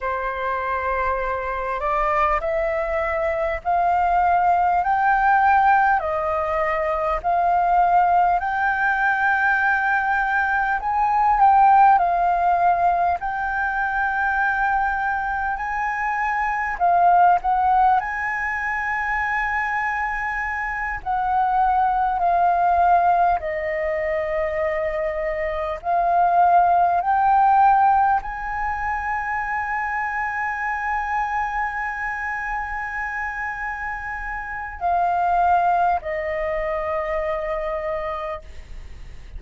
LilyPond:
\new Staff \with { instrumentName = "flute" } { \time 4/4 \tempo 4 = 50 c''4. d''8 e''4 f''4 | g''4 dis''4 f''4 g''4~ | g''4 gis''8 g''8 f''4 g''4~ | g''4 gis''4 f''8 fis''8 gis''4~ |
gis''4. fis''4 f''4 dis''8~ | dis''4. f''4 g''4 gis''8~ | gis''1~ | gis''4 f''4 dis''2 | }